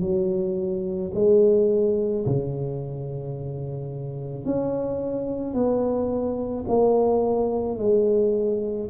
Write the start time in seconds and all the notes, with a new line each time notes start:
0.00 F#3
1.14 G#3
2.26 C#3
4.44 C#4
5.54 B3
6.68 A#3
7.78 G#3